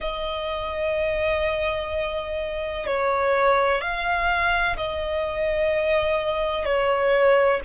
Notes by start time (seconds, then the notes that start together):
0.00 D#5
2.86 C#5
3.81 F5
4.77 D#5
6.65 C#5